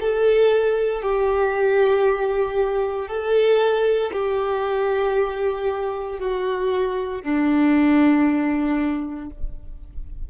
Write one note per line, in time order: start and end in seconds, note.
0.00 1.02 A4
1.02 3.08 G4
3.08 4.11 A4
4.12 6.19 G4
6.19 7.22 F#4
7.22 9.29 D4